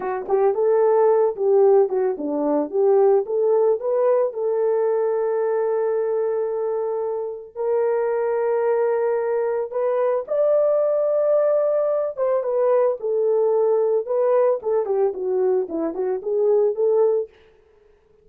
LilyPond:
\new Staff \with { instrumentName = "horn" } { \time 4/4 \tempo 4 = 111 fis'8 g'8 a'4. g'4 fis'8 | d'4 g'4 a'4 b'4 | a'1~ | a'2 ais'2~ |
ais'2 b'4 d''4~ | d''2~ d''8 c''8 b'4 | a'2 b'4 a'8 g'8 | fis'4 e'8 fis'8 gis'4 a'4 | }